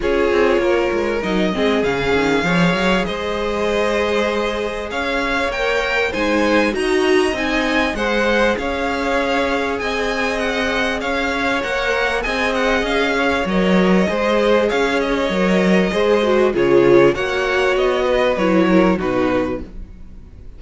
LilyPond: <<
  \new Staff \with { instrumentName = "violin" } { \time 4/4 \tempo 4 = 98 cis''2 dis''4 f''4~ | f''4 dis''2. | f''4 g''4 gis''4 ais''4 | gis''4 fis''4 f''2 |
gis''4 fis''4 f''4 fis''4 | gis''8 fis''8 f''4 dis''2 | f''8 dis''2~ dis''8 cis''4 | fis''4 dis''4 cis''4 b'4 | }
  \new Staff \with { instrumentName = "violin" } { \time 4/4 gis'4 ais'4. gis'4. | cis''4 c''2. | cis''2 c''4 dis''4~ | dis''4 c''4 cis''2 |
dis''2 cis''2 | dis''4. cis''4. c''4 | cis''2 c''4 gis'4 | cis''4. b'4 ais'8 fis'4 | }
  \new Staff \with { instrumentName = "viola" } { \time 4/4 f'2 dis'8 c'8 cis'4 | gis'1~ | gis'4 ais'4 dis'4 fis'4 | dis'4 gis'2.~ |
gis'2. ais'4 | gis'2 ais'4 gis'4~ | gis'4 ais'4 gis'8 fis'8 f'4 | fis'2 e'4 dis'4 | }
  \new Staff \with { instrumentName = "cello" } { \time 4/4 cis'8 c'8 ais8 gis8 fis8 gis8 cis8 dis8 | f8 fis8 gis2. | cis'4 ais4 gis4 dis'4 | c'4 gis4 cis'2 |
c'2 cis'4 ais4 | c'4 cis'4 fis4 gis4 | cis'4 fis4 gis4 cis4 | ais4 b4 fis4 b,4 | }
>>